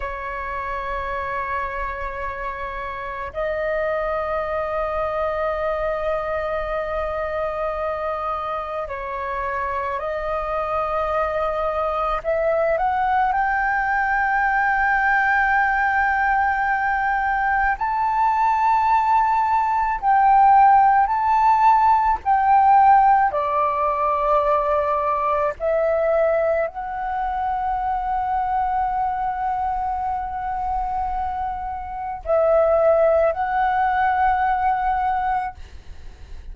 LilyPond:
\new Staff \with { instrumentName = "flute" } { \time 4/4 \tempo 4 = 54 cis''2. dis''4~ | dis''1 | cis''4 dis''2 e''8 fis''8 | g''1 |
a''2 g''4 a''4 | g''4 d''2 e''4 | fis''1~ | fis''4 e''4 fis''2 | }